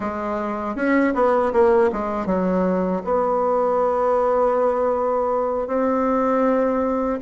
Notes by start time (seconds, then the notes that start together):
0.00 G#3
0.75 C#4
1.14 B3
1.52 A#3
1.92 G#3
2.26 F#3
3.04 B3
5.67 C4